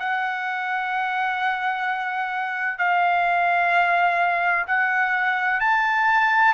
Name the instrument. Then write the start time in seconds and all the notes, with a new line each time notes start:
trumpet
0.00 F#5
2.79 F5
4.67 F#5
5.61 A5